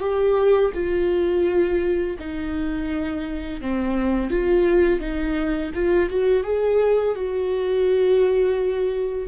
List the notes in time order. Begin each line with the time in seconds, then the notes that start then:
0.00 G4
0.74 F4
2.19 D#4
3.61 C4
4.31 F4
5.00 D#4
5.75 F4
6.09 F#4
6.44 G#4
7.15 F#4